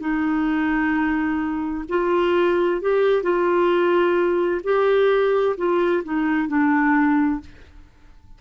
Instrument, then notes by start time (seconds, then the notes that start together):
clarinet
0.00 D#4
1.89 F4
2.82 G4
3.23 F4
4.64 G4
5.58 F4
6.04 D#4
6.48 D4